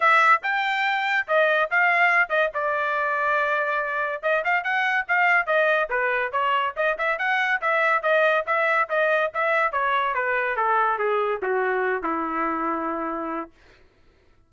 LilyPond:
\new Staff \with { instrumentName = "trumpet" } { \time 4/4 \tempo 4 = 142 e''4 g''2 dis''4 | f''4. dis''8 d''2~ | d''2 dis''8 f''8 fis''4 | f''4 dis''4 b'4 cis''4 |
dis''8 e''8 fis''4 e''4 dis''4 | e''4 dis''4 e''4 cis''4 | b'4 a'4 gis'4 fis'4~ | fis'8 e'2.~ e'8 | }